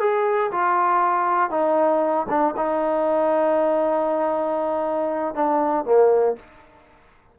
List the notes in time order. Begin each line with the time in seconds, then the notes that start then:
0.00 G#4
0.52 F4
1.50 D#4
2.29 D4
2.57 D#4
5.35 D4
5.85 A#3